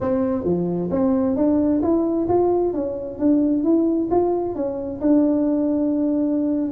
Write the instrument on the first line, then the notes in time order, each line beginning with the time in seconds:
tuba
0.00 C4
0.44 F3
0.90 C4
1.36 D4
1.82 E4
2.28 F4
2.73 C#4
3.18 D4
3.63 E4
4.10 F4
4.55 C#4
5.00 D4